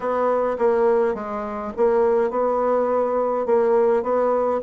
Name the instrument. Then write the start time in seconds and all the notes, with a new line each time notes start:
bassoon
0.00 B3
0.58 A#3
1.14 G#3
1.76 A#3
2.30 B3
3.46 A#3
4.02 B3